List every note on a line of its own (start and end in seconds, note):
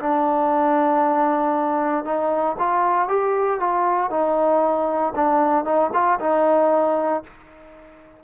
0.00 2.05 D4
2.05 2.57 D#4
2.59 3.09 F4
3.09 3.60 G4
3.60 4.11 F4
4.11 5.14 D#4
5.16 5.65 D4
5.65 5.91 D#4
5.94 6.20 F4
6.20 7.24 D#4